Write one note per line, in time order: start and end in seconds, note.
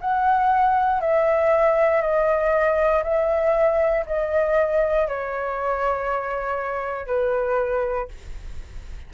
0.00 1.00 F#5
1.00 2.01 E5
2.01 3.03 D#5
3.03 4.04 E5
4.06 5.07 D#5
5.07 7.06 C#5
7.06 8.08 B4